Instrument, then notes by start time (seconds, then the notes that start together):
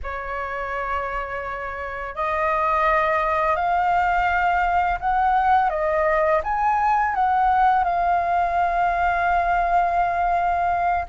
flute
0.03 C#5
2.15 D#5
3.56 F5
5.00 F#5
5.69 D#5
6.43 G#5
7.14 F#5
7.84 F5